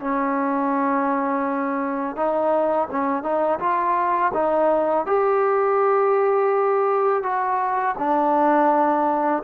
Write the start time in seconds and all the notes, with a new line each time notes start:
0.00 C#4
2.16 D#4
2.91 C#4
3.23 D#4
3.59 F4
4.34 D#4
5.06 G4
7.23 F#4
7.98 D4